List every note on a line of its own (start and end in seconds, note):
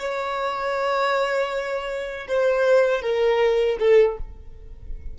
0.00 2.28 C#5
2.28 3.02 C5
3.02 3.78 A#4
3.80 4.18 A4